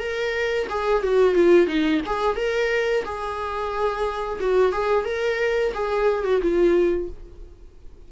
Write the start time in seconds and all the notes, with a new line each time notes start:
0.00 A#4
0.70 G#4
1.03 F#4
1.35 F4
1.68 D#4
2.07 G#4
2.37 A#4
3.05 G#4
4.40 F#4
4.73 G#4
5.05 A#4
5.74 G#4
6.25 F#4
6.42 F4